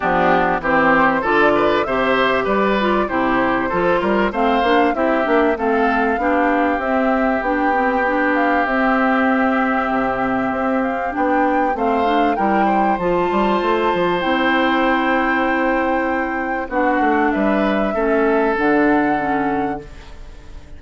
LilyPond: <<
  \new Staff \with { instrumentName = "flute" } { \time 4/4 \tempo 4 = 97 g'4 c''4 d''4 e''4 | d''4 c''2 f''4 | e''4 f''2 e''4 | g''4. f''8 e''2~ |
e''4. f''8 g''4 f''4 | g''4 a''2 g''4~ | g''2. fis''4 | e''2 fis''2 | }
  \new Staff \with { instrumentName = "oboe" } { \time 4/4 d'4 g'4 a'8 b'8 c''4 | b'4 g'4 a'8 ais'8 c''4 | g'4 a'4 g'2~ | g'1~ |
g'2. c''4 | ais'8 c''2.~ c''8~ | c''2. fis'4 | b'4 a'2. | }
  \new Staff \with { instrumentName = "clarinet" } { \time 4/4 b4 c'4 f'4 g'4~ | g'8 f'8 e'4 f'4 c'8 d'8 | e'8 d'8 c'4 d'4 c'4 | d'8 c'8 d'4 c'2~ |
c'2 d'4 c'8 d'8 | e'4 f'2 e'4~ | e'2. d'4~ | d'4 cis'4 d'4 cis'4 | }
  \new Staff \with { instrumentName = "bassoon" } { \time 4/4 f4 e4 d4 c4 | g4 c4 f8 g8 a8 ais8 | c'8 ais8 a4 b4 c'4 | b2 c'2 |
c4 c'4 b4 a4 | g4 f8 g8 a8 f8 c'4~ | c'2. b8 a8 | g4 a4 d2 | }
>>